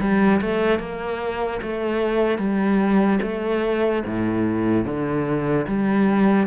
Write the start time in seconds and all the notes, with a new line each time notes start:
0.00 G3
0.42 A3
0.80 A#3
1.63 A3
2.38 G3
3.22 A3
4.06 A2
4.85 D3
5.68 G3